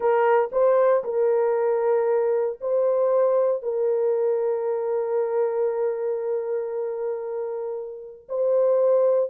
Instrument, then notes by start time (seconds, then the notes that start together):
horn
0.00 A#4
0.51 C5
1.03 A#4
2.60 C5
3.62 A#4
8.29 C5